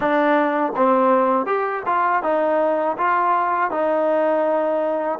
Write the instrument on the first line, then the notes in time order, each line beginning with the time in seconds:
trombone
0.00 D4
0.76 C4
1.45 G4
1.86 F4
2.22 D#4
2.97 F4
3.70 D#4